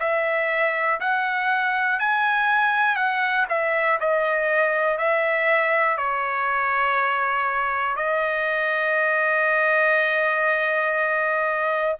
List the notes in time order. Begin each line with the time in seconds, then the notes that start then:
0.00 E5
1.00 F#5
2.00 G#5
2.96 F#5
3.50 E5
4.00 D#5
4.98 E5
5.97 C#5
7.96 D#5